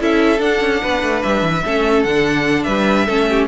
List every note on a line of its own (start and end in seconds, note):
0.00 0.40 C#4
0.00 0.37 E4
0.00 0.81 A4
0.00 0.40 E5
0.37 1.60 D4
0.37 0.60 D4
0.37 1.22 F#5
0.60 0.81 C#4
0.81 1.02 B3
0.81 1.63 B4
1.02 1.22 A3
1.22 1.41 G3
1.22 2.03 E5
1.41 1.62 E3
1.64 2.04 A3
1.64 2.06 C#4
1.64 2.65 A4
2.03 2.66 D3
2.03 3.07 D4
2.03 2.63 F#5
2.63 3.07 G3
2.63 3.05 B4
2.63 3.45 E5
3.05 3.47 A3
3.05 3.47 C#4
3.05 3.26 A4
3.29 3.47 G4